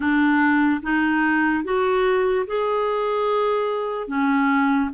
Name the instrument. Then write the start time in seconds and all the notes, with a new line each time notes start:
clarinet
0.00 D4
0.83 D#4
1.64 F#4
2.47 G#4
4.07 C#4